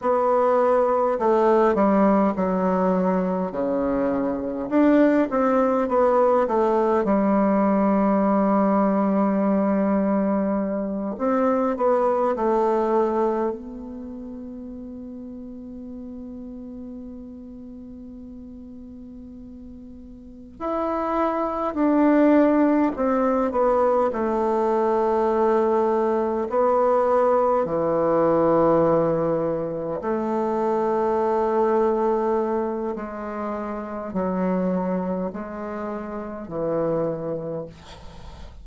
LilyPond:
\new Staff \with { instrumentName = "bassoon" } { \time 4/4 \tempo 4 = 51 b4 a8 g8 fis4 cis4 | d'8 c'8 b8 a8 g2~ | g4. c'8 b8 a4 b8~ | b1~ |
b4. e'4 d'4 c'8 | b8 a2 b4 e8~ | e4. a2~ a8 | gis4 fis4 gis4 e4 | }